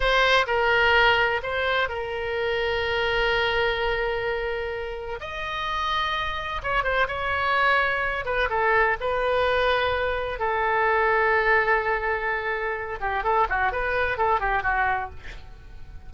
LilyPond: \new Staff \with { instrumentName = "oboe" } { \time 4/4 \tempo 4 = 127 c''4 ais'2 c''4 | ais'1~ | ais'2. dis''4~ | dis''2 cis''8 c''8 cis''4~ |
cis''4. b'8 a'4 b'4~ | b'2 a'2~ | a'2.~ a'8 g'8 | a'8 fis'8 b'4 a'8 g'8 fis'4 | }